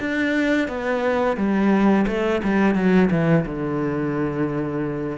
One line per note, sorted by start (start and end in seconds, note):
0.00 0.68 D4
0.68 1.36 B3
1.36 2.05 G3
2.07 2.41 A3
2.44 2.75 G3
2.75 3.09 F#3
3.11 3.45 E3
3.46 5.18 D3